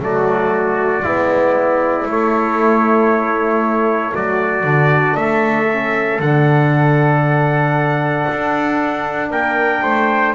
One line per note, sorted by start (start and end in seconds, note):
0.00 1.03 F#3
0.00 1.03 A3
0.00 1.04 F#4
0.00 2.10 D5
1.04 2.06 G#3
1.04 2.06 B3
1.04 4.14 E4
2.06 4.12 A3
2.06 4.63 A3
2.06 4.16 C#5
4.15 4.64 F#3
4.15 5.18 F#4
4.15 5.17 D5
4.63 5.15 D3
4.63 5.67 D4
5.17 6.20 A3
5.17 9.31 A4
5.17 6.20 E5
5.73 6.23 C#4
6.20 8.27 D3
6.20 10.35 D4
6.20 9.32 F#5
8.31 9.31 D4
9.31 9.83 A#3
9.31 9.83 A#4
9.31 10.35 G5
9.83 10.35 A3
9.83 10.35 C5